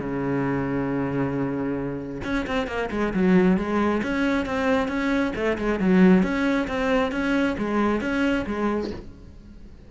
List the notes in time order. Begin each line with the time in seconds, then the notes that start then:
0.00 C#3
2.24 C#4
2.47 C4
2.68 A#3
2.91 G#3
3.14 F#3
3.58 G#3
4.03 C#4
4.46 C4
4.89 C#4
5.36 A3
5.59 G#3
5.80 F#3
6.23 C#4
6.68 C4
7.12 C#4
7.58 G#3
8.01 C#4
8.47 G#3